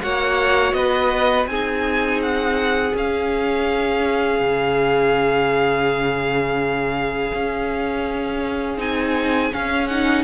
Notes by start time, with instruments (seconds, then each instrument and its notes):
0.00 cello A#3, viola F#4, violin C#5 F#5
0.72 cello B3, violin B4 D#5
1.45 cello C4, viola D#4, violin G#4 G#5
2.22 violin F#5
2.93 viola C#4, cello C#4, violin F5
4.39 cello C#3
7.33 cello C#4
8.77 cello C4, viola D#4, violin G#5
9.52 viola C#4, cello C#4, violin F5
9.87 viola D#4, violin F#5